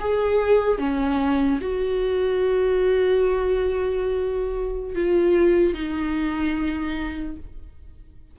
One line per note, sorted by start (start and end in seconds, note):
0.00 0.79 G#4
0.79 1.60 C#4
1.61 4.95 F#4
4.95 5.74 F4
5.74 7.36 D#4